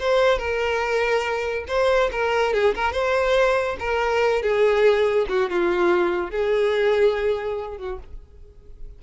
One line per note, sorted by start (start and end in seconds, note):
0.00 0.39 C5
0.39 1.65 A#4
1.68 2.10 C5
2.12 2.54 A#4
2.54 2.75 G#4
2.75 2.93 A#4
2.93 3.77 C5
3.80 4.43 A#4
4.43 5.27 G#4
5.29 5.50 F#4
5.50 6.31 F4
6.31 7.78 G#4
7.78 7.99 F#4